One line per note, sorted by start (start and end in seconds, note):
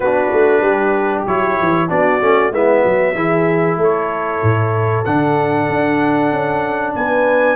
0.00 0.31 B3
0.00 1.27 D4
0.00 0.61 F#4
0.00 1.23 B4
0.32 0.61 A3
0.61 1.24 G3
0.61 1.88 G4
1.26 1.58 F#3
1.26 1.89 E4
1.26 1.89 C#5
1.61 1.90 E3
1.89 2.21 B3
1.89 2.20 D4
1.89 2.52 F#4
1.89 2.53 D5
2.21 2.51 A3
2.21 2.52 C#4
2.51 2.83 G#3
2.51 3.15 B3
2.51 2.83 E4
2.51 3.80 E5
2.83 3.14 F#3
2.83 3.14 F#4
3.14 3.77 E3
3.14 5.04 E4
3.14 3.78 G#4
3.77 4.40 A3
3.77 6.94 A4
3.77 5.04 C#5
4.42 5.05 A2
5.04 5.69 D3
5.04 7.56 D4
5.04 6.94 F#5
5.69 6.31 D4
6.31 6.94 C#4
6.94 7.56 B3
6.94 7.56 B4
6.94 7.56 G#5